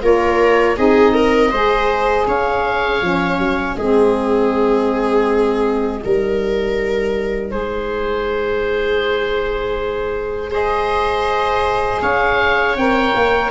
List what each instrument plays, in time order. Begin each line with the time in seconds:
0.00 tuba A#3, saxophone F4, viola A#4, oboe C#5
0.76 tuba C4, saxophone D#4, viola G#4, oboe D#5
1.13 viola A#4
1.51 tuba G#3, saxophone G#4, viola C5
2.27 tuba C#4, viola C#5, oboe F5
3.01 tuba F3, saxophone C#4
3.38 tuba F#3
3.75 tuba G#3, saxophone C4, viola G#4, oboe D#5
6.02 tuba G3, saxophone D#4, viola A#4
7.50 tuba G#3, viola G#4, oboe C5
10.50 saxophone G#4, viola C5, oboe D#5
12.01 tuba C#4, viola C#5, oboe F5
12.75 tuba C4, saxophone A#4, oboe G5
13.14 tuba A#3